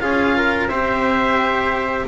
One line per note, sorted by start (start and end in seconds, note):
0.00 0.67 C#4
0.00 0.69 F4
0.00 0.37 G#4
0.00 0.68 F5
0.37 0.70 A#4
0.67 2.05 C4
0.67 2.07 G4
0.67 2.07 C5
0.67 2.06 E5